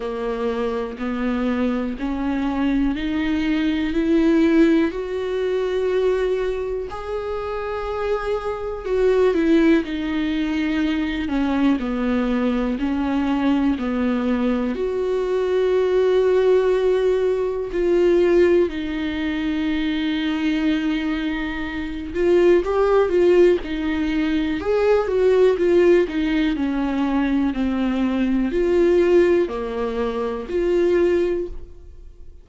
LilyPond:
\new Staff \with { instrumentName = "viola" } { \time 4/4 \tempo 4 = 61 ais4 b4 cis'4 dis'4 | e'4 fis'2 gis'4~ | gis'4 fis'8 e'8 dis'4. cis'8 | b4 cis'4 b4 fis'4~ |
fis'2 f'4 dis'4~ | dis'2~ dis'8 f'8 g'8 f'8 | dis'4 gis'8 fis'8 f'8 dis'8 cis'4 | c'4 f'4 ais4 f'4 | }